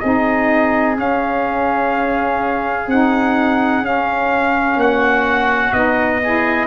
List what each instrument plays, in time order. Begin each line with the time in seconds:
0.00 tuba C4, saxophone D#4, oboe G#4, trumpet D#5
0.95 saxophone C#4, tuba C#4, trumpet F5
2.87 tuba C4, saxophone D#4, trumpet F#5
3.82 tuba C#4, saxophone C#4, trumpet F5
4.77 tuba A#3, oboe F#4, trumpet F#5
5.73 tuba B3, saxophone D#4, trumpet D#5
6.23 saxophone E4, oboe G#4